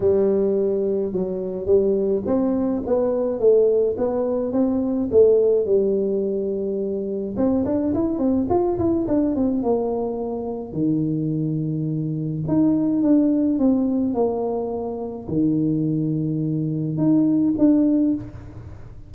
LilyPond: \new Staff \with { instrumentName = "tuba" } { \time 4/4 \tempo 4 = 106 g2 fis4 g4 | c'4 b4 a4 b4 | c'4 a4 g2~ | g4 c'8 d'8 e'8 c'8 f'8 e'8 |
d'8 c'8 ais2 dis4~ | dis2 dis'4 d'4 | c'4 ais2 dis4~ | dis2 dis'4 d'4 | }